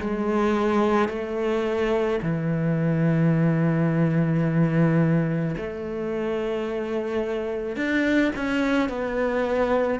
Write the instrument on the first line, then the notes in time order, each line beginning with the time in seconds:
cello
0.00 G#3
1.09 A3
2.22 E3
5.57 A3
7.76 D4
8.36 C#4
8.89 B3